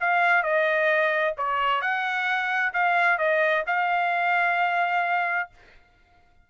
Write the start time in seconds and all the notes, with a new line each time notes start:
0.00 F5
0.43 D#5
1.37 C#5
1.81 F#5
2.73 F5
3.18 D#5
3.67 F5